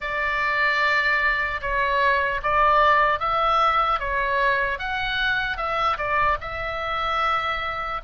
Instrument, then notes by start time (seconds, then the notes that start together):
oboe
0.00 D5
1.61 C#5
2.42 D5
3.19 E5
3.99 C#5
4.78 F#5
5.57 E5
5.97 D5
6.40 E5